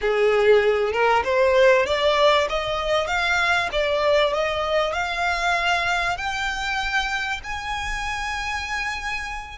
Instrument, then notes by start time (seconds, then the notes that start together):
violin
0.01 G#4
0.92 A#4
1.24 C5
1.86 D5
2.49 D#5
3.07 F5
3.71 D5
4.33 D#5
4.93 F5
6.17 G5
7.43 G#5